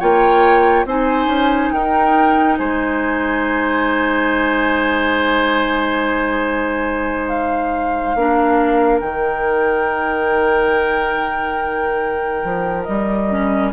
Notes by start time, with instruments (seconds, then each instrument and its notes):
0.00 bassoon A#3, clarinet F4, oboe C#5, flute G5
0.85 bassoon C4, clarinet D#4, oboe C5, flute G#5
1.27 bassoon C#4
1.72 bassoon D#4, oboe A#4, flute G5
2.58 bassoon G#3, oboe C5, flute G#5
7.29 flute F5
8.16 bassoon A#3, clarinet D4, oboe A#4
9.00 bassoon D#3, clarinet D#4, flute G5
12.44 bassoon F3
12.84 bassoon G3, flute D#5
13.31 clarinet C#4